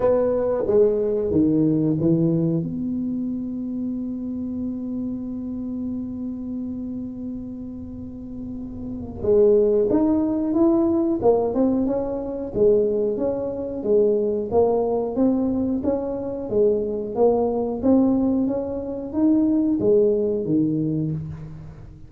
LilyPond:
\new Staff \with { instrumentName = "tuba" } { \time 4/4 \tempo 4 = 91 b4 gis4 dis4 e4 | b1~ | b1~ | b2 gis4 dis'4 |
e'4 ais8 c'8 cis'4 gis4 | cis'4 gis4 ais4 c'4 | cis'4 gis4 ais4 c'4 | cis'4 dis'4 gis4 dis4 | }